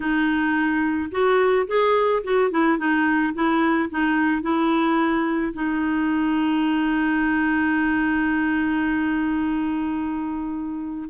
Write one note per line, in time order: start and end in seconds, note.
0.00 1.10 D#4
1.11 1.66 F#4
1.67 2.22 G#4
2.23 2.50 F#4
2.50 2.78 E4
2.78 3.33 D#4
3.34 3.89 E4
3.90 4.42 D#4
4.42 5.53 E4
5.53 11.09 D#4